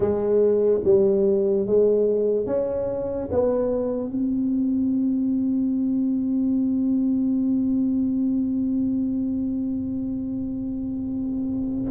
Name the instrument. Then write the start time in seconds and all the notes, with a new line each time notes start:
tuba
0.00 G#3
0.84 G3
1.66 G#3
2.46 C#4
3.31 B3
4.10 C4